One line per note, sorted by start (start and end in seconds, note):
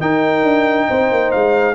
0.00 1.75 D#4
0.00 0.43 D#4
0.00 0.88 A#4
0.00 1.32 G5
0.43 0.87 D4
0.88 1.12 C4
0.88 1.75 C5
1.12 1.33 A#3
1.32 1.75 G#3
1.32 1.75 F5